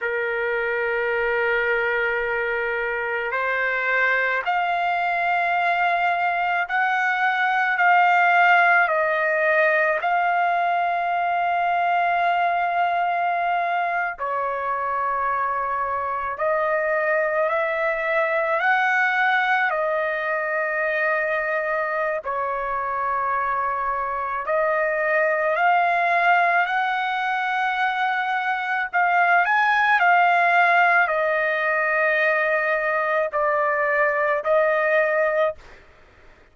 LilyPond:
\new Staff \with { instrumentName = "trumpet" } { \time 4/4 \tempo 4 = 54 ais'2. c''4 | f''2 fis''4 f''4 | dis''4 f''2.~ | f''8. cis''2 dis''4 e''16~ |
e''8. fis''4 dis''2~ dis''16 | cis''2 dis''4 f''4 | fis''2 f''8 gis''8 f''4 | dis''2 d''4 dis''4 | }